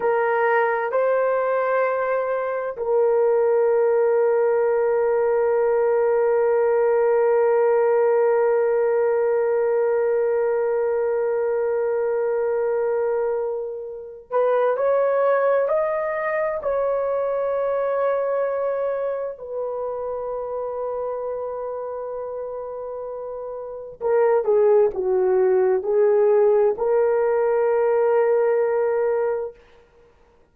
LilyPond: \new Staff \with { instrumentName = "horn" } { \time 4/4 \tempo 4 = 65 ais'4 c''2 ais'4~ | ais'1~ | ais'1~ | ais'2.~ ais'8 b'8 |
cis''4 dis''4 cis''2~ | cis''4 b'2.~ | b'2 ais'8 gis'8 fis'4 | gis'4 ais'2. | }